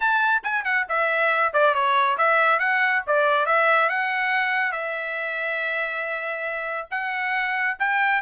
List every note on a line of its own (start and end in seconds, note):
0.00 0.42 A5
0.43 0.64 G#5
0.64 0.86 F#5
0.88 1.53 E5
1.53 1.74 D5
1.74 2.17 C#5
2.17 2.59 E5
2.59 3.02 F#5
3.06 3.46 D5
3.46 3.89 E5
3.89 4.71 F#5
4.71 6.87 E5
6.90 7.77 F#5
7.79 8.21 G5